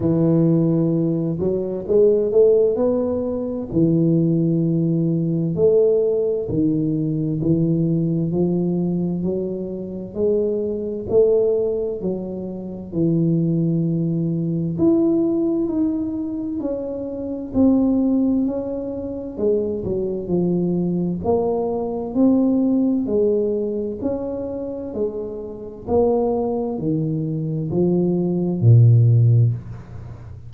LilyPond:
\new Staff \with { instrumentName = "tuba" } { \time 4/4 \tempo 4 = 65 e4. fis8 gis8 a8 b4 | e2 a4 dis4 | e4 f4 fis4 gis4 | a4 fis4 e2 |
e'4 dis'4 cis'4 c'4 | cis'4 gis8 fis8 f4 ais4 | c'4 gis4 cis'4 gis4 | ais4 dis4 f4 ais,4 | }